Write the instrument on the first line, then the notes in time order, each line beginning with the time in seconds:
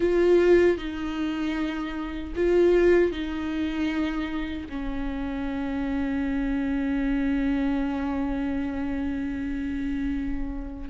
viola
0.00 F4
0.77 D#4
2.35 F4
3.12 D#4
4.69 C#4